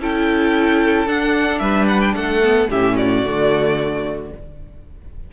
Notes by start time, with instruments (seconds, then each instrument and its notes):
0.00 cello C#4, viola E4, violin A4 G5
1.07 cello D4, viola D4, violin F#5
1.59 cello G3, violin B4 E5
1.88 violin F#5
2.01 violin G5
2.15 cello A3, violin A4 F#5
2.43 viola B3
2.70 cello A2, viola C#4, violin G4 E5
2.96 violin F#4 D5
3.24 cello D3, viola A3